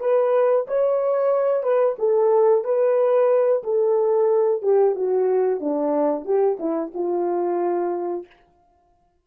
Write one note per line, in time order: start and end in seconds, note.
0.00 0.66 B4
0.67 1.63 C#5
1.63 1.96 B4
1.99 2.64 A4
2.64 3.63 B4
3.63 4.62 A4
4.62 4.95 G4
4.95 5.60 F#4
5.60 6.25 D4
6.25 6.58 G4
6.59 6.92 E4
6.94 8.26 F4